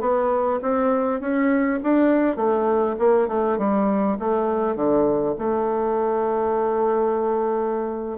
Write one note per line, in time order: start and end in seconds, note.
0.00 0.59 B3
0.62 1.20 C4
1.20 1.79 C#4
1.83 2.36 D4
2.36 2.95 A3
2.98 3.28 A#3
3.28 3.58 A3
3.58 4.17 G3
4.19 4.75 A3
4.75 5.35 D3
5.38 8.18 A3